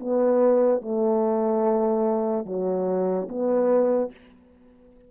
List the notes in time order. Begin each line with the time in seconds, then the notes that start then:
0.00 B3
0.82 A3
2.46 F#3
3.29 B3